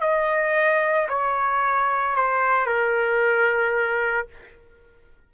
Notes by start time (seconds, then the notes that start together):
0.00 D#5
1.08 C#5
2.15 C5
2.66 A#4